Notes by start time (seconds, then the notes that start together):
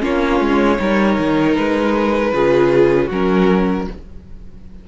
0.00 A#3 C#4 F4 C#5
0.40 G#3
0.78 G3 D#4 A#4
1.18 D#3
1.55 G#3 B4
2.33 C#3 F4 G#4
3.06 F#3 C#4 F#4 A#4